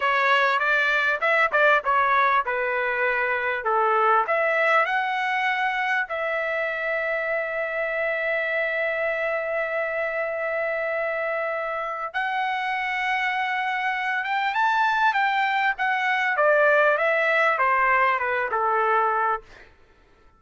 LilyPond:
\new Staff \with { instrumentName = "trumpet" } { \time 4/4 \tempo 4 = 99 cis''4 d''4 e''8 d''8 cis''4 | b'2 a'4 e''4 | fis''2 e''2~ | e''1~ |
e''1 | fis''2.~ fis''8 g''8 | a''4 g''4 fis''4 d''4 | e''4 c''4 b'8 a'4. | }